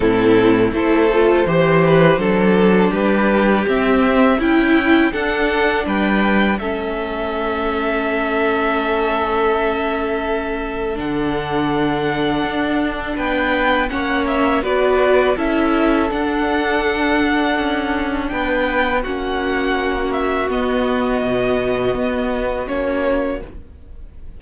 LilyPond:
<<
  \new Staff \with { instrumentName = "violin" } { \time 4/4 \tempo 4 = 82 a'4 c''2. | b'4 e''4 g''4 fis''4 | g''4 e''2.~ | e''2. fis''4~ |
fis''2 g''4 fis''8 e''8 | d''4 e''4 fis''2~ | fis''4 g''4 fis''4. e''8 | dis''2. cis''4 | }
  \new Staff \with { instrumentName = "violin" } { \time 4/4 e'4 a'4 c''8 b'8 a'4 | g'2 e'4 a'4 | b'4 a'2.~ | a'1~ |
a'2 b'4 cis''4 | b'4 a'2.~ | a'4 b'4 fis'2~ | fis'1 | }
  \new Staff \with { instrumentName = "viola" } { \time 4/4 c'4 e'8 f'8 g'4 d'4~ | d'4 c'4 e'4 d'4~ | d'4 cis'2.~ | cis'2. d'4~ |
d'2. cis'4 | fis'4 e'4 d'2~ | d'2 cis'2 | b2. cis'4 | }
  \new Staff \with { instrumentName = "cello" } { \time 4/4 a,4 a4 e4 fis4 | g4 c'4 cis'4 d'4 | g4 a2.~ | a2. d4~ |
d4 d'4 b4 ais4 | b4 cis'4 d'2 | cis'4 b4 ais2 | b4 b,4 b4 ais4 | }
>>